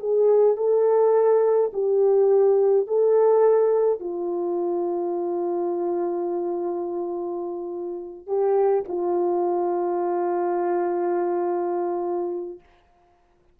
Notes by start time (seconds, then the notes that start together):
0.00 G#4
0.57 A4
1.74 G4
2.87 A4
4.00 F4
8.27 G4
8.88 F4